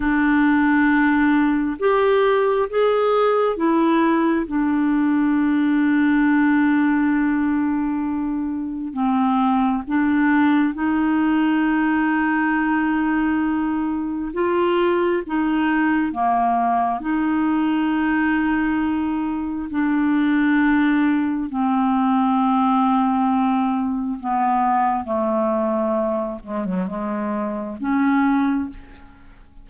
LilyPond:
\new Staff \with { instrumentName = "clarinet" } { \time 4/4 \tempo 4 = 67 d'2 g'4 gis'4 | e'4 d'2.~ | d'2 c'4 d'4 | dis'1 |
f'4 dis'4 ais4 dis'4~ | dis'2 d'2 | c'2. b4 | a4. gis16 fis16 gis4 cis'4 | }